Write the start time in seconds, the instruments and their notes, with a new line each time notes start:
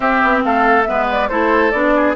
0.00 bassoon C4, clarinet C4, oboe G4, flute E5
0.23 bassoon B3
0.44 bassoon A3, oboe A4, flute F5
0.83 bassoon G#3, clarinet B3, oboe B4, flute E5
1.11 flute D5
1.28 bassoon A3, clarinet E4, oboe A4, flute C5
1.71 bassoon B3, clarinet D4, flute D5
1.96 oboe G#4